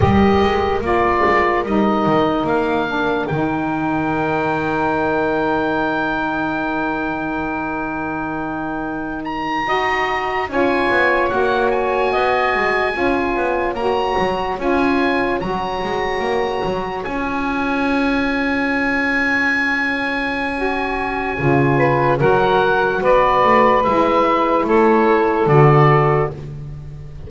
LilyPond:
<<
  \new Staff \with { instrumentName = "oboe" } { \time 4/4 \tempo 4 = 73 dis''4 d''4 dis''4 f''4 | g''1~ | g''2.~ g''16 ais''8.~ | ais''8. gis''4 fis''8 gis''4.~ gis''16~ |
gis''8. ais''4 gis''4 ais''4~ ais''16~ | ais''8. gis''2.~ gis''16~ | gis''2. fis''4 | d''4 e''4 cis''4 d''4 | }
  \new Staff \with { instrumentName = "saxophone" } { \time 4/4 ais'1~ | ais'1~ | ais'2.~ ais'8. dis''16~ | dis''8. cis''2 dis''4 cis''16~ |
cis''1~ | cis''1~ | cis''2~ cis''8 b'8 ais'4 | b'2 a'2 | }
  \new Staff \with { instrumentName = "saxophone" } { \time 4/4 g'4 f'4 dis'4. d'8 | dis'1~ | dis'2.~ dis'8. fis'16~ | fis'8. f'4 fis'2 f'16~ |
f'8. fis'4 f'4 fis'4~ fis'16~ | fis'8. f'2.~ f'16~ | f'4 fis'4 f'4 fis'4~ | fis'4 e'2 fis'4 | }
  \new Staff \with { instrumentName = "double bass" } { \time 4/4 g8 gis8 ais8 gis8 g8 dis8 ais4 | dis1~ | dis2.~ dis8. dis'16~ | dis'8. cis'8 b8 ais4 b8 gis8 cis'16~ |
cis'16 b8 ais8 fis8 cis'4 fis8 gis8 ais16~ | ais16 fis8 cis'2.~ cis'16~ | cis'2 cis4 fis4 | b8 a8 gis4 a4 d4 | }
>>